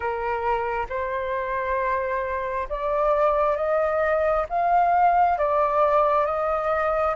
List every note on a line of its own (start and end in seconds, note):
0.00 0.86 A#4
0.89 2.68 C5
2.69 3.56 D5
3.56 4.46 D#5
4.49 5.37 F5
5.37 6.25 D5
6.25 7.15 D#5